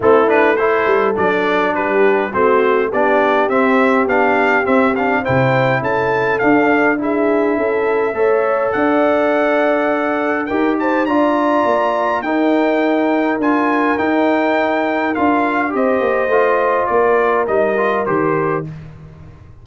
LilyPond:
<<
  \new Staff \with { instrumentName = "trumpet" } { \time 4/4 \tempo 4 = 103 a'8 b'8 c''4 d''4 b'4 | c''4 d''4 e''4 f''4 | e''8 f''8 g''4 a''4 f''4 | e''2. fis''4~ |
fis''2 g''8 a''8 ais''4~ | ais''4 g''2 gis''4 | g''2 f''4 dis''4~ | dis''4 d''4 dis''4 c''4 | }
  \new Staff \with { instrumentName = "horn" } { \time 4/4 e'4 a'2 g'4 | fis'4 g'2.~ | g'4 c''4 a'2 | gis'4 a'4 cis''4 d''4~ |
d''2 ais'8 c''8 d''4~ | d''4 ais'2.~ | ais'2. c''4~ | c''4 ais'2. | }
  \new Staff \with { instrumentName = "trombone" } { \time 4/4 c'8 d'8 e'4 d'2 | c'4 d'4 c'4 d'4 | c'8 d'8 e'2 d'4 | e'2 a'2~ |
a'2 g'4 f'4~ | f'4 dis'2 f'4 | dis'2 f'4 g'4 | f'2 dis'8 f'8 g'4 | }
  \new Staff \with { instrumentName = "tuba" } { \time 4/4 a4. g8 fis4 g4 | a4 b4 c'4 b4 | c'4 c4 cis'4 d'4~ | d'4 cis'4 a4 d'4~ |
d'2 dis'4 d'4 | ais4 dis'2 d'4 | dis'2 d'4 c'8 ais8 | a4 ais4 g4 dis4 | }
>>